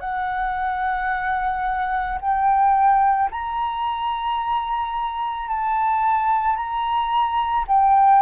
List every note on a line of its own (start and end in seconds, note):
0.00 2.18 F#5
2.21 3.30 G5
3.31 5.48 A#5
5.48 6.56 A5
6.56 7.65 A#5
7.67 8.22 G5